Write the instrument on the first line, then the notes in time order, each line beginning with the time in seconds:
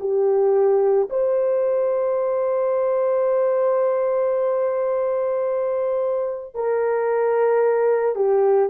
horn
0.00 G4
1.10 C5
6.55 A#4
8.15 G4